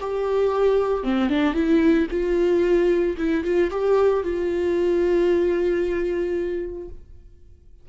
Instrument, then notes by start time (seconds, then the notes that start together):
viola
0.00 G4
1.03 C4
1.29 D4
1.53 E4
2.10 F4
3.17 E4
3.44 F4
3.70 G4
4.23 F4